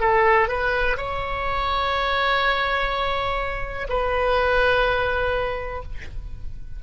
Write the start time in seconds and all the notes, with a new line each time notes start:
0.00 A4
0.48 B4
0.97 C#5
3.89 B4